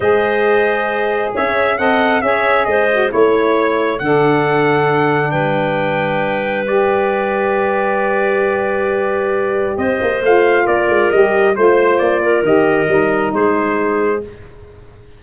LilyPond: <<
  \new Staff \with { instrumentName = "trumpet" } { \time 4/4 \tempo 4 = 135 dis''2. e''4 | fis''4 e''4 dis''4 cis''4~ | cis''4 fis''2. | g''2. d''4~ |
d''1~ | d''2 dis''4 f''4 | d''4 dis''4 c''4 d''4 | dis''2 c''2 | }
  \new Staff \with { instrumentName = "clarinet" } { \time 4/4 c''2. cis''4 | dis''4 cis''4 c''4 cis''4~ | cis''4 a'2. | b'1~ |
b'1~ | b'2 c''2 | ais'2 c''4. ais'8~ | ais'2 gis'2 | }
  \new Staff \with { instrumentName = "saxophone" } { \time 4/4 gis'1 | a'4 gis'4. fis'8 e'4~ | e'4 d'2.~ | d'2. g'4~ |
g'1~ | g'2. f'4~ | f'4 g'4 f'2 | g'4 dis'2. | }
  \new Staff \with { instrumentName = "tuba" } { \time 4/4 gis2. cis'4 | c'4 cis'4 gis4 a4~ | a4 d2. | g1~ |
g1~ | g2 c'8 ais8 a4 | ais8 gis8 g4 a4 ais4 | dis4 g4 gis2 | }
>>